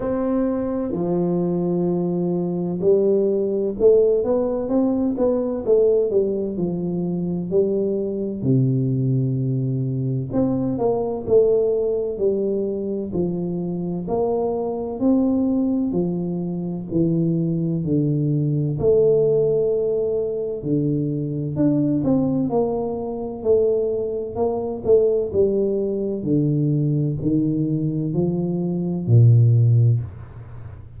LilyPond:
\new Staff \with { instrumentName = "tuba" } { \time 4/4 \tempo 4 = 64 c'4 f2 g4 | a8 b8 c'8 b8 a8 g8 f4 | g4 c2 c'8 ais8 | a4 g4 f4 ais4 |
c'4 f4 e4 d4 | a2 d4 d'8 c'8 | ais4 a4 ais8 a8 g4 | d4 dis4 f4 ais,4 | }